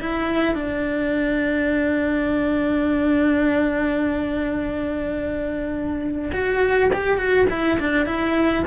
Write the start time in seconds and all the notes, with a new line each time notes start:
0.00 E4
0.54 D4
6.32 F#4
6.93 G4
7.17 F#4
7.49 E4
7.79 D4
8.06 E4